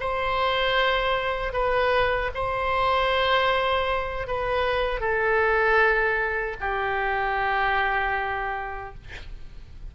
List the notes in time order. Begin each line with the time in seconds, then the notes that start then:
0.00 C5
1.53 B4
2.34 C5
4.27 B4
5.00 A4
6.61 G4